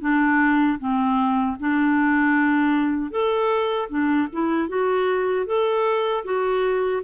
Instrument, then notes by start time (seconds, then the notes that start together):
clarinet
0.00 D4
0.78 C4
1.59 D4
3.11 A4
3.89 D4
4.32 E4
4.68 F#4
5.46 A4
6.24 F#4